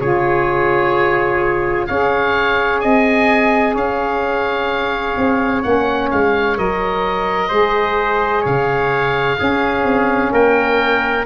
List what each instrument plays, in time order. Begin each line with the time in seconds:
0.00 tuba C#3, saxophone F4, trumpet G#4, oboe C#5
1.87 tuba C#4, saxophone G#4, trumpet C#5, oboe F5
2.81 tuba C4, trumpet D#5, oboe G#5
3.75 tuba C#4, trumpet C#5, oboe F5
5.17 tuba C4
5.63 tuba A#3, saxophone C#4, oboe F#5
6.11 tuba G#3, oboe F5
6.57 tuba F#3, saxophone A#4, oboe D#5
7.48 tuba G#3, saxophone G#4, trumpet C5
8.41 tuba C#3, trumpet C#5, oboe F5
9.37 saxophone C#4, tuba C#4, trumpet G#4
9.84 tuba C4
10.32 tuba A#3, trumpet A#4, oboe G5